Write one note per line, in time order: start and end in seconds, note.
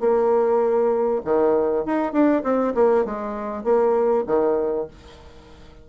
0.00 1.21 A#3
1.25 1.85 D#3
1.85 2.12 D#4
2.12 2.43 D4
2.44 2.74 C4
2.75 3.05 A#3
3.05 3.64 G#3
3.64 4.25 A#3
4.27 4.87 D#3